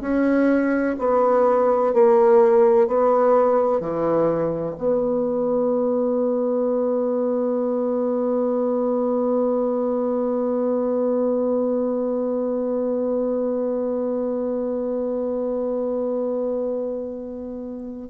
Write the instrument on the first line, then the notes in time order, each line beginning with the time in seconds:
bassoon
0.00 C#4
0.98 B3
1.93 A#3
2.87 B3
3.80 E3
4.77 B3